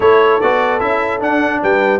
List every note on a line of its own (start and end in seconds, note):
0.00 0.40 A3
0.00 0.41 E4
0.00 1.61 A4
0.00 0.40 C#5
0.40 0.81 B3
0.40 0.80 F#4
0.40 0.80 D5
0.80 1.21 C#4
0.80 1.20 E4
0.80 1.20 E5
1.20 2.00 D4
1.20 1.61 D4
1.20 1.62 F#5
1.62 2.00 G3
1.62 2.00 B4
1.62 2.00 G5